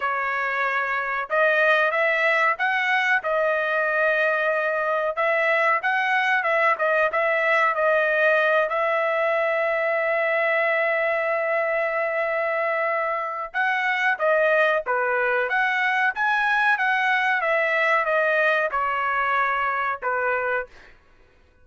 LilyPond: \new Staff \with { instrumentName = "trumpet" } { \time 4/4 \tempo 4 = 93 cis''2 dis''4 e''4 | fis''4 dis''2. | e''4 fis''4 e''8 dis''8 e''4 | dis''4. e''2~ e''8~ |
e''1~ | e''4 fis''4 dis''4 b'4 | fis''4 gis''4 fis''4 e''4 | dis''4 cis''2 b'4 | }